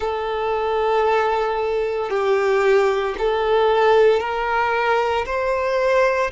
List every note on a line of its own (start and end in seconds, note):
0.00 2.10 A4
2.10 3.15 G4
3.18 4.20 A4
4.20 5.25 A#4
5.25 6.31 C5